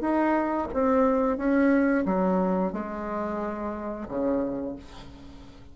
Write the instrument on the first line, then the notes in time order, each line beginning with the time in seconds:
bassoon
0.00 D#4
0.73 C4
1.37 C#4
2.05 F#3
2.72 G#3
4.08 C#3